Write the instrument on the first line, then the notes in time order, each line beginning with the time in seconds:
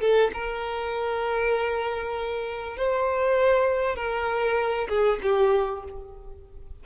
violin
0.00 A4
0.33 A#4
2.76 C5
3.95 A#4
4.88 G#4
5.22 G4